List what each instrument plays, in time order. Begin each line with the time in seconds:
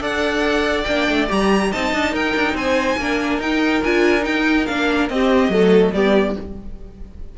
0.00 cello D4, viola A4, violin D5 F#5
0.84 cello A#3, viola D4, violin G5
1.08 cello A3
1.28 cello G3, viola G4, violin A#5
1.71 cello C4, viola D#4, violin D#5 A5
1.93 cello D4
2.12 cello D#4, violin A#4 G5
2.35 cello D4
2.54 cello C4, violin C5 G#5
2.97 cello A#3, viola D4, violin A#4
3.38 cello D#4, viola D#4, violin G5
3.83 cello D4, viola F4, violin G#5
4.20 viola D#4, violin G5
4.26 cello D#4
4.66 cello A#3, viola D4, violin F5
5.09 cello C4, viola C4, violin G4 D#5
5.48 cello F#3, viola A3, violin A4
5.93 cello G3, viola B3, violin G4 D5